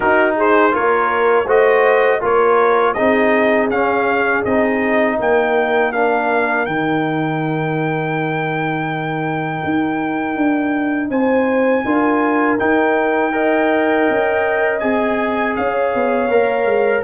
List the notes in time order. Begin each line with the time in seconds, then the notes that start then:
0.00 D#4 F#4 A#4
0.35 G#4 C5
0.71 A#3 F4 A#4 C#5
1.46 A3 F#4 C5 D#5
2.20 A#3 F4 A#4 C#5
2.93 C4 D#4 G#4 D#5
3.70 C#4 F5
4.44 C4 D#4 D#5
5.16 A#3 A#4 G5
5.92 D4 F5
6.65 D#3 D#4 G5
9.64 D#4
10.35 D4
11.09 C4 C5 G#5
11.84 D4 F4 A#4
12.58 D#4 G5
13.32 A#4 D#5
14.10 C#4
14.79 C4 G#4 G#5
15.56 C#4 C#5 F5
15.94 B3
16.29 A#3 A#4
16.65 G#3